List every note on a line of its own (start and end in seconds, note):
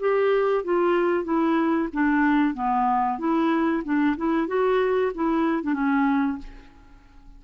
0.00 0.64 G4
0.64 1.24 F4
1.24 1.89 E4
1.93 2.54 D4
2.54 3.18 B3
3.19 3.83 E4
3.84 4.16 D4
4.17 4.48 E4
4.48 5.12 F#4
5.15 5.63 E4
5.63 5.74 D4
5.74 6.38 C#4